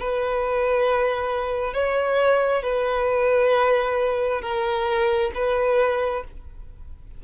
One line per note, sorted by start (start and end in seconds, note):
0.00 1.74 B4
1.74 2.63 C#5
2.63 4.42 B4
4.42 5.32 A#4
5.35 6.24 B4